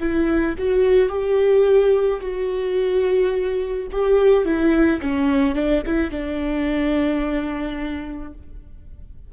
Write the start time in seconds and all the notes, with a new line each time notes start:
0.00 E4
0.59 F#4
1.10 G4
2.21 F#4
3.92 G4
4.45 E4
5.02 C#4
5.56 D4
5.86 E4
6.11 D4